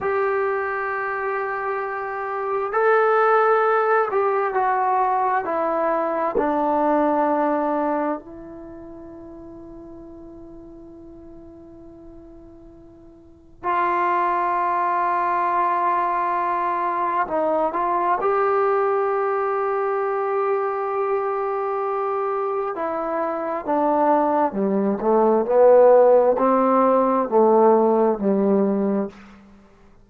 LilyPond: \new Staff \with { instrumentName = "trombone" } { \time 4/4 \tempo 4 = 66 g'2. a'4~ | a'8 g'8 fis'4 e'4 d'4~ | d'4 e'2.~ | e'2. f'4~ |
f'2. dis'8 f'8 | g'1~ | g'4 e'4 d'4 g8 a8 | b4 c'4 a4 g4 | }